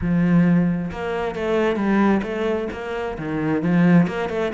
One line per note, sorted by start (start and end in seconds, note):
0.01 0.91 F3
0.91 1.35 A#3
1.35 1.76 A3
1.76 2.21 G3
2.22 2.68 A3
2.72 3.17 A#3
3.18 3.62 D#3
3.62 4.07 F3
4.07 4.29 A#3
4.29 4.51 A3